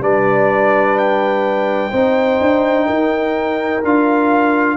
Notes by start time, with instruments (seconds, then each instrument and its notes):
0.00 tuba G3, trombone D4, horn B4, trumpet D5
0.97 trumpet G5
1.90 tuba C4, trombone D#4, horn C5
2.40 tuba D4
2.86 tuba D#4, horn A#4
3.83 tuba D4, trombone F4, trumpet F5